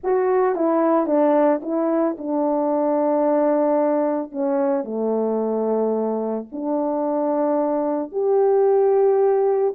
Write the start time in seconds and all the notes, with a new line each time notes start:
0.03 F#4
0.55 E4
1.06 D4
1.62 E4
2.18 D4
4.31 C#4
4.84 A3
6.52 D4
8.12 G4